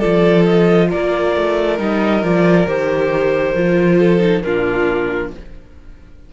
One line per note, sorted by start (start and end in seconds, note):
0.00 0.93 F3
0.00 1.78 F4
0.00 0.88 A4
0.00 0.44 D5
0.45 0.89 D#5
0.90 1.36 A#3
0.90 3.98 A#4
0.90 1.79 D5
1.36 1.80 A3
1.78 2.23 G3
1.78 2.22 D#4
1.78 2.25 D#5
2.23 2.67 F3
2.23 2.67 F4
2.23 2.68 D5
2.67 3.55 D#3
2.67 3.55 G4
2.67 4.42 C5
3.55 4.43 F3
3.55 4.19 F4
3.99 4.43 A4
4.19 4.42 D#4
4.42 5.31 A#2
4.42 5.34 D4
4.42 5.34 F4
4.42 5.31 A#4